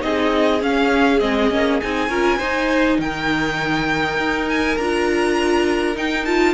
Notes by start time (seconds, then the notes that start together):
0.00 C4 D#4 G#4 D#5
0.62 C#4 F5
1.20 G#3 C4 D#5
1.51 A#3 C#4
1.82 C4 D#4 G#5
2.10 C#4 F4 A#4
2.39 D#4 C5
2.99 D#3 A#4 G5
4.18 D#4
4.50 G#5
4.78 D4 F4 A#5
5.96 D#4 G5
6.25 F4 A5